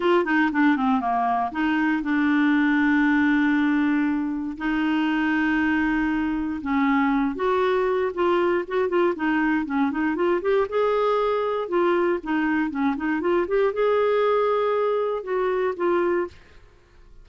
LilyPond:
\new Staff \with { instrumentName = "clarinet" } { \time 4/4 \tempo 4 = 118 f'8 dis'8 d'8 c'8 ais4 dis'4 | d'1~ | d'4 dis'2.~ | dis'4 cis'4. fis'4. |
f'4 fis'8 f'8 dis'4 cis'8 dis'8 | f'8 g'8 gis'2 f'4 | dis'4 cis'8 dis'8 f'8 g'8 gis'4~ | gis'2 fis'4 f'4 | }